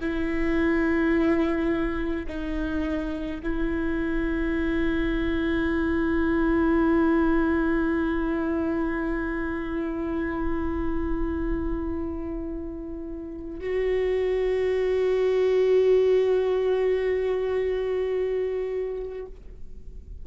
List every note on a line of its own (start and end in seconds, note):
0.00 2.26 E4
2.27 3.41 D#4
3.43 13.60 E4
13.60 19.26 F#4